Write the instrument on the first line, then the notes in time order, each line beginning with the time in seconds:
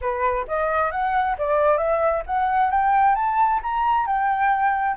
flute
0.01 B4
0.47 D#5
0.91 F#5
1.38 D5
1.77 E5
2.26 F#5
2.70 G5
3.15 A5
3.62 A#5
4.06 G5